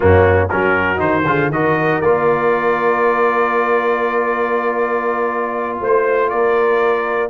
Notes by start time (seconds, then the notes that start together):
0.00 F#2 A#3 C#4 F#4
0.48 F#3 C#4 F#4 A#4
0.96 D#3 D#4 C5
1.25 D3 F4 G#4
1.49 D#3 F#4 A#4 D#5
2.01 A#3 F4 D5
5.80 A3 C5
6.29 A#3 A#4 D5